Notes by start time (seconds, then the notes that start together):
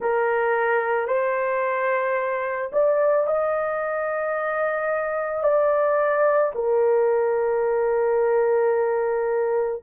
0.00 A#4
1.07 C5
2.72 D5
3.26 D#5
5.42 D5
6.55 A#4